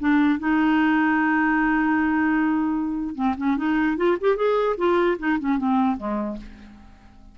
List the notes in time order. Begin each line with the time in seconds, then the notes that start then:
0.00 D4
0.39 D#4
3.15 C4
3.38 C#4
3.57 D#4
3.97 F4
4.21 G4
4.36 G#4
4.77 F4
5.19 D#4
5.39 C#4
5.58 C4
5.97 G#3